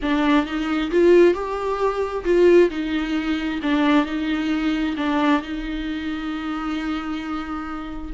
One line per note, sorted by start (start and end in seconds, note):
0.01 0.45 D4
0.45 0.90 D#4
0.91 1.34 F4
1.34 2.24 G4
2.24 2.69 F4
2.69 3.60 D#4
3.62 4.05 D4
4.05 4.95 D#4
4.96 5.41 D4
5.42 8.12 D#4